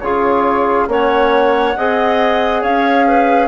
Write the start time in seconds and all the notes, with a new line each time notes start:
0.00 C#3 F4 G#4 C#5
0.88 A#3 C#4 C#5 F#5
1.78 C4 G#4 D#5
2.62 C#4 C#5 F5
3.08 B4